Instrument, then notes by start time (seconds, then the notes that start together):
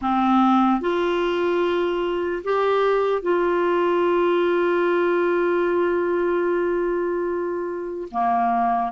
clarinet
0.01 C4
0.80 F4
2.44 G4
3.22 F4
8.11 A#3